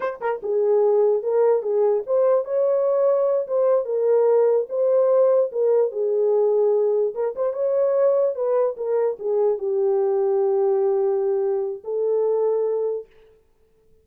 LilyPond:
\new Staff \with { instrumentName = "horn" } { \time 4/4 \tempo 4 = 147 c''8 ais'8 gis'2 ais'4 | gis'4 c''4 cis''2~ | cis''8 c''4 ais'2 c''8~ | c''4. ais'4 gis'4.~ |
gis'4. ais'8 c''8 cis''4.~ | cis''8 b'4 ais'4 gis'4 g'8~ | g'1~ | g'4 a'2. | }